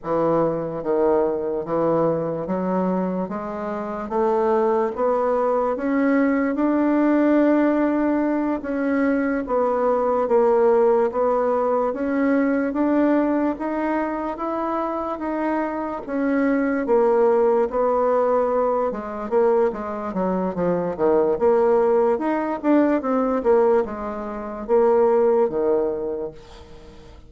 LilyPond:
\new Staff \with { instrumentName = "bassoon" } { \time 4/4 \tempo 4 = 73 e4 dis4 e4 fis4 | gis4 a4 b4 cis'4 | d'2~ d'8 cis'4 b8~ | b8 ais4 b4 cis'4 d'8~ |
d'8 dis'4 e'4 dis'4 cis'8~ | cis'8 ais4 b4. gis8 ais8 | gis8 fis8 f8 dis8 ais4 dis'8 d'8 | c'8 ais8 gis4 ais4 dis4 | }